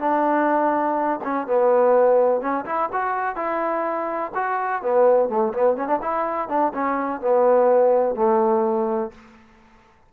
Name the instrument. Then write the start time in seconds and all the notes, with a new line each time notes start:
trombone
0.00 D4
1.24 C#4
1.47 B3
2.41 C#4
2.66 E4
2.93 F#4
3.36 E4
4.35 F#4
4.82 B3
5.30 A3
5.54 B3
5.77 C#4
5.88 D4
6.02 E4
6.49 D4
6.74 C#4
7.22 B3
8.16 A3